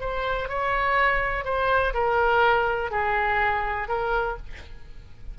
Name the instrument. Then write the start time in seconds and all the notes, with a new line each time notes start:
oboe
0.00 C5
0.49 C#5
1.44 C5
1.94 A#4
2.91 G#4
3.88 A#4